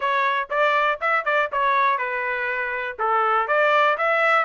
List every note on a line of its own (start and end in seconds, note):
0.00 0.48 C#5
0.50 0.99 D5
1.00 1.24 E5
1.24 1.49 D5
1.51 1.98 C#5
1.98 2.97 B4
2.98 3.47 A4
3.47 3.97 D5
3.97 4.45 E5